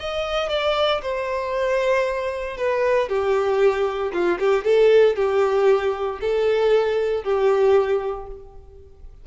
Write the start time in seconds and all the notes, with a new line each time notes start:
0.00 D#5
0.50 D5
1.02 C5
2.58 B4
3.09 G4
4.13 F4
4.40 G4
4.65 A4
5.16 G4
6.21 A4
7.24 G4